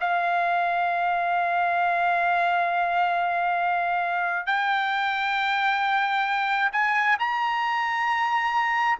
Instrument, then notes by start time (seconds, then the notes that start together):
trumpet
0.00 F5
4.46 G5
6.72 G#5
7.19 A#5